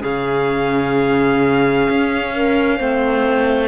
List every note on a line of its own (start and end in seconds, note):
0.00 1.89 C#3
0.00 2.77 C#4
0.00 2.32 G#4
0.00 3.69 F5
1.90 2.80 C#4
2.34 2.78 A#4
2.78 3.69 A3
2.78 3.69 C4
2.78 3.69 C5